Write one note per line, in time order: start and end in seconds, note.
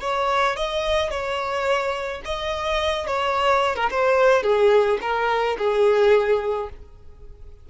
0.00 0.56 C#5
0.56 1.10 D#5
1.10 2.21 C#5
2.24 3.06 D#5
3.06 3.75 C#5
3.75 3.89 A#4
3.90 4.43 C5
4.43 4.98 G#4
5.01 5.57 A#4
5.58 6.69 G#4